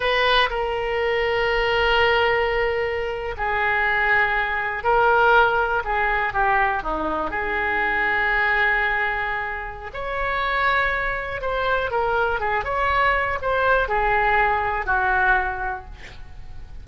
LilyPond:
\new Staff \with { instrumentName = "oboe" } { \time 4/4 \tempo 4 = 121 b'4 ais'2.~ | ais'2~ ais'8. gis'4~ gis'16~ | gis'4.~ gis'16 ais'2 gis'16~ | gis'8. g'4 dis'4 gis'4~ gis'16~ |
gis'1 | cis''2. c''4 | ais'4 gis'8 cis''4. c''4 | gis'2 fis'2 | }